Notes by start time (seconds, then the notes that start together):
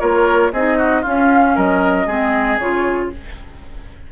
0.00 A#3 F4 A#4 C#5
0.53 C4 D#4 G#4 D#5
0.78 F#4
1.02 C#4 F4 F5
1.55 F#3 A#4 D#5
2.07 G#3 C4 G#4
2.59 C#3 F4 C#5